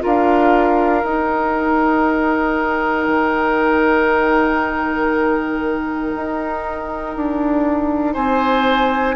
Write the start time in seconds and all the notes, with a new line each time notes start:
0.00 D4 F4 A#4 F5
1.04 D#4 G5
3.07 D#3
6.15 D#4
7.16 D4
8.14 C4 C5 G#5